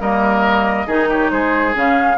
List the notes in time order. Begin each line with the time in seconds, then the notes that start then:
0.00 G3 A#3 A#4 D#5
0.86 D#3 D#4 G#4
1.09 G4 C#5
1.31 G#3 G#4 C5
1.73 C#3 C#4 F5